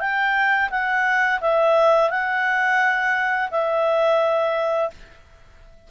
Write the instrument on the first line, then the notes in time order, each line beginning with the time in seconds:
clarinet
0.00 G5
0.70 F#5
1.41 E5
2.10 F#5
3.51 E5